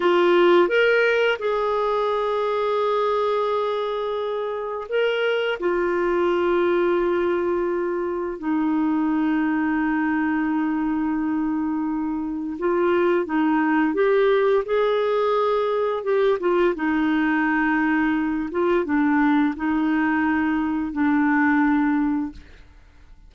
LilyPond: \new Staff \with { instrumentName = "clarinet" } { \time 4/4 \tempo 4 = 86 f'4 ais'4 gis'2~ | gis'2. ais'4 | f'1 | dis'1~ |
dis'2 f'4 dis'4 | g'4 gis'2 g'8 f'8 | dis'2~ dis'8 f'8 d'4 | dis'2 d'2 | }